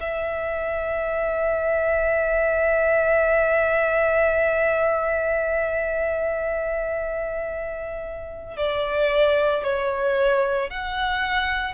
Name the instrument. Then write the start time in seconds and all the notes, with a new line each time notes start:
violin
0.00 E5
8.57 D5
9.64 C#5
10.70 F#5